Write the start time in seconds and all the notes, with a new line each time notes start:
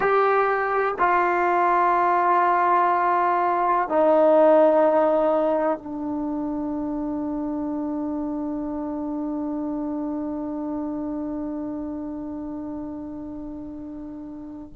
0.00 G4
0.99 F4
3.88 D#4
5.78 D4